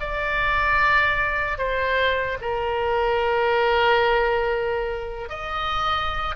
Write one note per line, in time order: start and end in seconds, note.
0.00 1.58 D5
1.58 2.38 C5
2.41 5.29 A#4
5.29 6.35 D#5